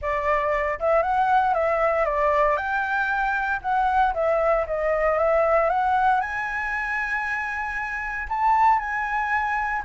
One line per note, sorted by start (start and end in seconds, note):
0.01 0.79 D5
0.79 1.02 E5
1.02 1.54 F#5
1.54 2.05 E5
2.05 2.56 D5
2.56 3.60 G5
3.62 4.13 F#5
4.14 4.66 E5
4.66 5.18 D#5
5.18 5.69 E5
5.69 6.20 F#5
6.20 8.27 G#5
8.29 8.79 A5
8.79 9.83 G#5